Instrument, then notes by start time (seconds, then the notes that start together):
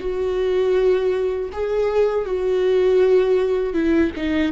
viola
0.00 F#4
1.53 G#4
2.26 F#4
3.74 E4
4.16 D#4